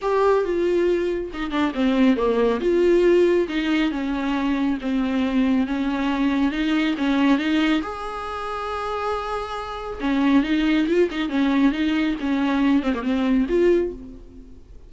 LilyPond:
\new Staff \with { instrumentName = "viola" } { \time 4/4 \tempo 4 = 138 g'4 f'2 dis'8 d'8 | c'4 ais4 f'2 | dis'4 cis'2 c'4~ | c'4 cis'2 dis'4 |
cis'4 dis'4 gis'2~ | gis'2. cis'4 | dis'4 f'8 dis'8 cis'4 dis'4 | cis'4. c'16 ais16 c'4 f'4 | }